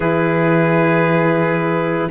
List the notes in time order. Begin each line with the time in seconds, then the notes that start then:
0.00 E3 E4 G#4 B4